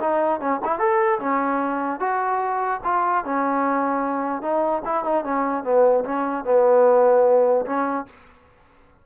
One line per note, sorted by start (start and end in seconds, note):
0.00 0.40 D#4
0.40 0.60 C#4
0.64 0.79 E4
0.79 1.19 A4
1.19 2.00 C#4
2.00 2.80 F#4
2.84 3.24 F4
3.24 4.42 C#4
4.42 4.82 D#4
4.85 5.04 E4
5.04 5.24 D#4
5.24 5.64 C#4
5.64 6.04 B3
6.04 6.44 C#4
6.44 7.65 B3
7.65 8.06 C#4